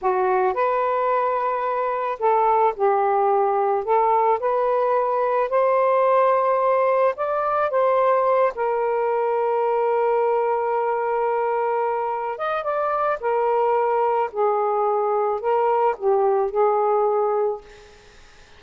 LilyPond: \new Staff \with { instrumentName = "saxophone" } { \time 4/4 \tempo 4 = 109 fis'4 b'2. | a'4 g'2 a'4 | b'2 c''2~ | c''4 d''4 c''4. ais'8~ |
ais'1~ | ais'2~ ais'8 dis''8 d''4 | ais'2 gis'2 | ais'4 g'4 gis'2 | }